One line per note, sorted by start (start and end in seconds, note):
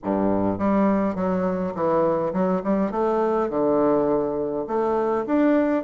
0.03 0.58 G2
0.58 1.15 G3
1.15 1.73 F#3
1.74 2.32 E3
2.33 2.62 F#3
2.63 2.91 G3
2.91 3.49 A3
3.49 4.65 D3
4.67 5.25 A3
5.26 5.84 D4